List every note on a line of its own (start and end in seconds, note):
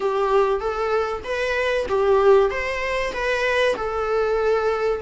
0.00 0.60 G4
0.60 1.22 A4
1.24 1.86 B4
1.88 2.50 G4
2.50 3.12 C5
3.12 3.75 B4
3.76 5.01 A4